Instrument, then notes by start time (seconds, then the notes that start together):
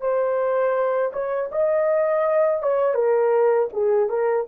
horn
0.00 C5
1.12 C#5
1.52 D#5
2.62 C#5
2.94 A#4
3.72 G#4
4.09 A#4